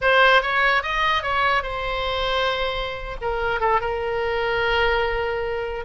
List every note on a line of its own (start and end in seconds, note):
0.01 0.42 C5
0.42 0.82 C#5
0.82 1.23 D#5
1.23 1.62 C#5
1.62 3.16 C5
3.21 3.60 A#4
3.60 3.80 A4
3.80 5.85 A#4